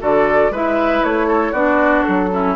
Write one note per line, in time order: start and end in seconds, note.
0.00 0.50 D3
0.00 0.51 F#4
0.00 0.52 A4
0.00 0.54 D5
0.50 1.01 G#3
0.50 1.55 E4
0.50 1.27 B4
0.50 1.04 E5
1.03 1.52 A3
1.03 1.53 C#5
1.27 1.52 A4
1.52 2.03 B3
1.52 2.31 D4
1.52 2.29 F#4
1.52 2.03 D5
2.03 2.56 F#3
2.03 2.55 A4
2.31 2.56 C#4
2.31 2.56 E4